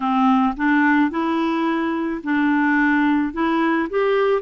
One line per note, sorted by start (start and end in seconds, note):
0.00 0.54 C4
0.56 1.10 D4
1.10 2.21 E4
2.23 3.33 D4
3.33 3.88 E4
3.89 4.41 G4